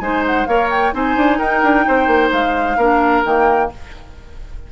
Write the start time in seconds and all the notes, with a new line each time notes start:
0.00 G#3 D#4 C5 G#5
0.26 F#5
0.45 A#3 A#4 C#5 F5
0.70 G5
0.93 C4 D#4 C5 G#5
1.16 D4
1.38 D#4 A#4 G5
1.63 D4
1.87 C4 C5
2.07 A#3
2.32 G#3 F5
2.77 A#3 D4 A#4
3.25 D#3 A#3 G5